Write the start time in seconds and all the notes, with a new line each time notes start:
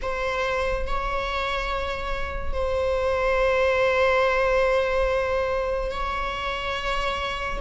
0.02 C5
0.86 C#5
2.53 C5
5.91 C#5